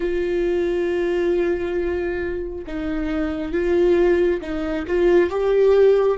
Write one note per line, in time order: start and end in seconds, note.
0.00 2.65 F4
2.67 3.52 D#4
3.52 4.40 F4
4.41 4.85 D#4
4.87 5.29 F4
5.29 6.18 G4